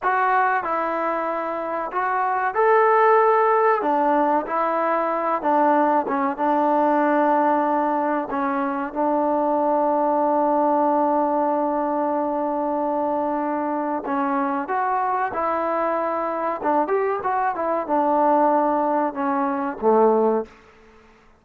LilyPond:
\new Staff \with { instrumentName = "trombone" } { \time 4/4 \tempo 4 = 94 fis'4 e'2 fis'4 | a'2 d'4 e'4~ | e'8 d'4 cis'8 d'2~ | d'4 cis'4 d'2~ |
d'1~ | d'2 cis'4 fis'4 | e'2 d'8 g'8 fis'8 e'8 | d'2 cis'4 a4 | }